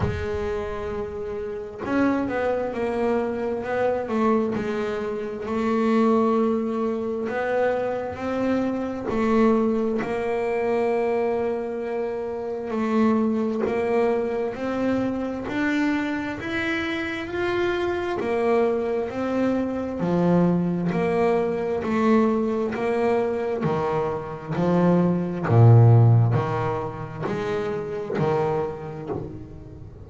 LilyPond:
\new Staff \with { instrumentName = "double bass" } { \time 4/4 \tempo 4 = 66 gis2 cis'8 b8 ais4 | b8 a8 gis4 a2 | b4 c'4 a4 ais4~ | ais2 a4 ais4 |
c'4 d'4 e'4 f'4 | ais4 c'4 f4 ais4 | a4 ais4 dis4 f4 | ais,4 dis4 gis4 dis4 | }